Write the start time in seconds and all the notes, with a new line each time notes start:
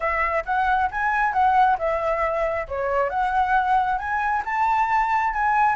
0.00 E5
0.45 F#5
0.91 G#5
1.33 F#5
1.78 E5
2.68 C#5
3.09 F#5
3.98 G#5
4.45 A5
5.33 G#5